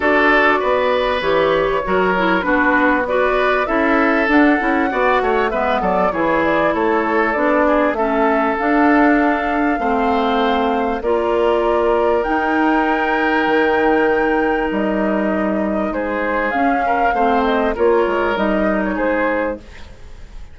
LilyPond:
<<
  \new Staff \with { instrumentName = "flute" } { \time 4/4 \tempo 4 = 98 d''2 cis''2 | b'4 d''4 e''4 fis''4~ | fis''4 e''8 d''8 cis''8 d''8 cis''4 | d''4 e''4 f''2~ |
f''2 d''2 | g''1 | dis''2 c''4 f''4~ | f''8 dis''8 cis''4 dis''8. cis''16 c''4 | }
  \new Staff \with { instrumentName = "oboe" } { \time 4/4 a'4 b'2 ais'4 | fis'4 b'4 a'2 | d''8 cis''8 b'8 a'8 gis'4 a'4~ | a'8 gis'8 a'2. |
c''2 ais'2~ | ais'1~ | ais'2 gis'4. ais'8 | c''4 ais'2 gis'4 | }
  \new Staff \with { instrumentName = "clarinet" } { \time 4/4 fis'2 g'4 fis'8 e'8 | d'4 fis'4 e'4 d'8 e'8 | fis'4 b4 e'2 | d'4 cis'4 d'2 |
c'2 f'2 | dis'1~ | dis'2. cis'4 | c'4 f'4 dis'2 | }
  \new Staff \with { instrumentName = "bassoon" } { \time 4/4 d'4 b4 e4 fis4 | b2 cis'4 d'8 cis'8 | b8 a8 gis8 fis8 e4 a4 | b4 a4 d'2 |
a2 ais2 | dis'2 dis2 | g2 gis4 cis'4 | a4 ais8 gis8 g4 gis4 | }
>>